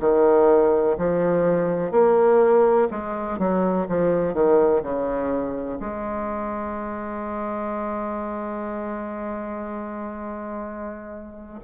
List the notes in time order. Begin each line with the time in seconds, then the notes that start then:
0.00 D#3
0.98 F3
1.91 A#3
2.90 G#3
3.39 F#3
3.88 F3
4.34 D#3
4.83 C#3
5.80 G#3